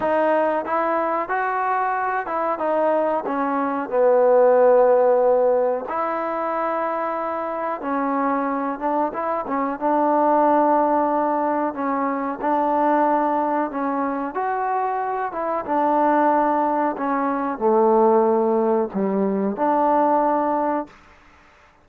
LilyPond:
\new Staff \with { instrumentName = "trombone" } { \time 4/4 \tempo 4 = 92 dis'4 e'4 fis'4. e'8 | dis'4 cis'4 b2~ | b4 e'2. | cis'4. d'8 e'8 cis'8 d'4~ |
d'2 cis'4 d'4~ | d'4 cis'4 fis'4. e'8 | d'2 cis'4 a4~ | a4 g4 d'2 | }